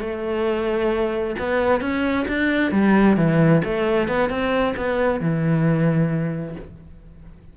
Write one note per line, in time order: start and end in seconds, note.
0.00 1.35 A3
1.39 1.81 B3
1.81 2.26 C#4
2.28 2.72 D4
2.72 3.17 G3
3.17 3.62 E3
3.65 4.08 A3
4.08 4.29 B3
4.29 4.75 C4
4.77 5.20 B3
5.20 6.56 E3